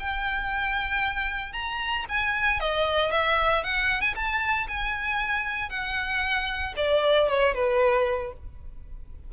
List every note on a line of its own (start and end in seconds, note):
0.00 1.53 G5
1.53 2.05 A#5
2.09 2.60 G#5
2.60 3.12 D#5
3.12 3.64 E5
3.64 4.02 F#5
4.02 4.15 G#5
4.15 4.67 A5
4.68 5.70 G#5
5.70 6.74 F#5
6.76 7.29 D5
7.29 7.55 C#5
7.55 8.33 B4